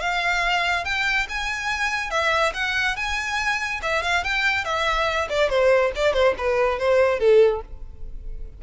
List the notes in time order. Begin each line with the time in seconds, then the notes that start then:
0.00 F5
0.85 G5
1.29 G#5
2.10 E5
2.54 F#5
2.96 G#5
3.82 E5
4.03 F5
4.24 G5
4.64 E5
5.29 D5
5.49 C5
5.95 D5
6.13 C5
6.38 B4
6.79 C5
7.19 A4